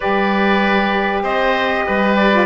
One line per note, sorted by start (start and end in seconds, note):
0.00 1.23 G3
0.00 2.31 G4
0.00 1.23 B4
0.00 1.22 D5
1.23 1.85 C4
1.23 1.85 C5
1.23 2.15 D#5
1.86 2.45 G3
1.86 2.45 B4
2.15 2.45 D5
2.31 2.45 F4